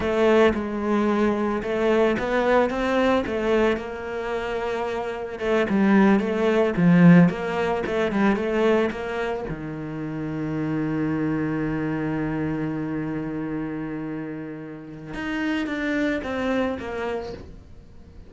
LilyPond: \new Staff \with { instrumentName = "cello" } { \time 4/4 \tempo 4 = 111 a4 gis2 a4 | b4 c'4 a4 ais4~ | ais2 a8 g4 a8~ | a8 f4 ais4 a8 g8 a8~ |
a8 ais4 dis2~ dis8~ | dis1~ | dis1 | dis'4 d'4 c'4 ais4 | }